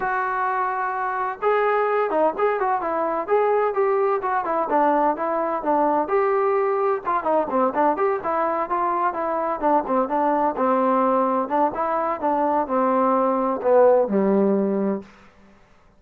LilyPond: \new Staff \with { instrumentName = "trombone" } { \time 4/4 \tempo 4 = 128 fis'2. gis'4~ | gis'8 dis'8 gis'8 fis'8 e'4 gis'4 | g'4 fis'8 e'8 d'4 e'4 | d'4 g'2 f'8 dis'8 |
c'8 d'8 g'8 e'4 f'4 e'8~ | e'8 d'8 c'8 d'4 c'4.~ | c'8 d'8 e'4 d'4 c'4~ | c'4 b4 g2 | }